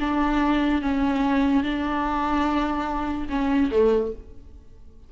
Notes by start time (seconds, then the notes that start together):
0.00 D4
0.82 C#4
1.63 D4
3.30 C#4
3.71 A3